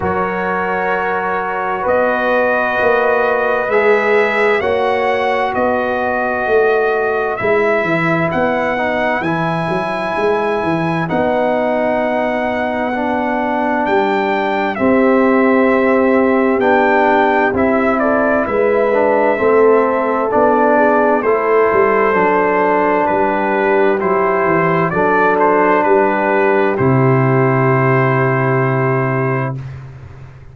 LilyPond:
<<
  \new Staff \with { instrumentName = "trumpet" } { \time 4/4 \tempo 4 = 65 cis''2 dis''2 | e''4 fis''4 dis''2 | e''4 fis''4 gis''2 | fis''2. g''4 |
e''2 g''4 e''8 d''8 | e''2 d''4 c''4~ | c''4 b'4 c''4 d''8 c''8 | b'4 c''2. | }
  \new Staff \with { instrumentName = "horn" } { \time 4/4 ais'2 b'2~ | b'4 cis''4 b'2~ | b'1~ | b'1 |
g'2.~ g'8 a'8 | b'4 a'4. gis'8 a'4~ | a'4 g'2 a'4 | g'1 | }
  \new Staff \with { instrumentName = "trombone" } { \time 4/4 fis'1 | gis'4 fis'2. | e'4. dis'8 e'2 | dis'2 d'2 |
c'2 d'4 e'4~ | e'8 d'8 c'4 d'4 e'4 | d'2 e'4 d'4~ | d'4 e'2. | }
  \new Staff \with { instrumentName = "tuba" } { \time 4/4 fis2 b4 ais4 | gis4 ais4 b4 a4 | gis8 e8 b4 e8 fis8 gis8 e8 | b2. g4 |
c'2 b4 c'4 | gis4 a4 b4 a8 g8 | fis4 g4 fis8 e8 fis4 | g4 c2. | }
>>